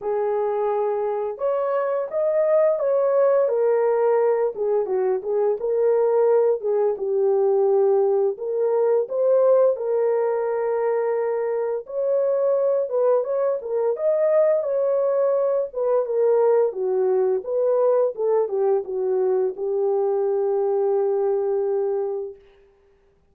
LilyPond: \new Staff \with { instrumentName = "horn" } { \time 4/4 \tempo 4 = 86 gis'2 cis''4 dis''4 | cis''4 ais'4. gis'8 fis'8 gis'8 | ais'4. gis'8 g'2 | ais'4 c''4 ais'2~ |
ais'4 cis''4. b'8 cis''8 ais'8 | dis''4 cis''4. b'8 ais'4 | fis'4 b'4 a'8 g'8 fis'4 | g'1 | }